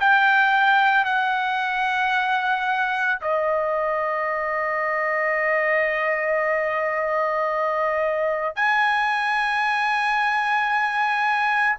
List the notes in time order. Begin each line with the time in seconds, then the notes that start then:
0.00 G5
1.05 F#5
3.21 D#5
8.55 G#5